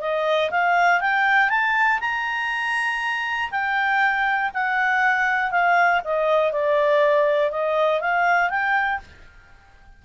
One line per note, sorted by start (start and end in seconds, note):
0.00 0.50 D#5
0.50 1.00 F5
1.00 1.49 G5
1.49 1.99 A5
2.00 3.50 A#5
3.51 4.51 G5
4.53 5.51 F#5
5.51 6.01 F5
6.04 6.52 D#5
6.52 7.51 D5
7.51 8.00 D#5
8.00 8.50 F5
8.50 9.00 G5